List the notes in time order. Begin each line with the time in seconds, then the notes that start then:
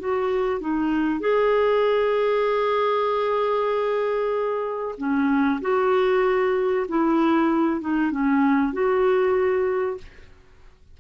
0.00 F#4
0.61 D#4
1.21 G#4
4.98 C#4
5.62 F#4
6.89 E4
7.81 D#4
8.12 C#4
8.73 F#4